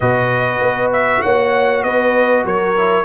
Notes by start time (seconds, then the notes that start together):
0.00 B2 F#4 B4 D#5
0.60 B3
0.92 E5
1.22 A#3 C#5 F#5
1.83 B3 B4 D#5
2.44 F#3 A#4 C#5
2.77 E4